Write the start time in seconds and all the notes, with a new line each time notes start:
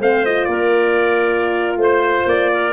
0.00 A3 C4 C5 F5
0.25 F4 D#5
0.45 A#3 A#4 D5
1.77 A3 C5
1.83 C5
2.26 A#3 D5
2.53 A#4